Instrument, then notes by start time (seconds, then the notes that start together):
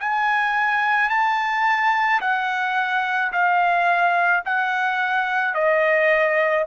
trumpet
0.00 G#5
1.09 A5
2.21 F#5
3.32 F5
4.45 F#5
5.55 D#5